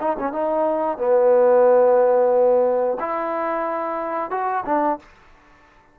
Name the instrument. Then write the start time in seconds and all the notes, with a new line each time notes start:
trombone
0.00 D#4
0.19 C#4
0.32 D#4
0.98 B3
3.00 E4
4.30 F#4
4.65 D4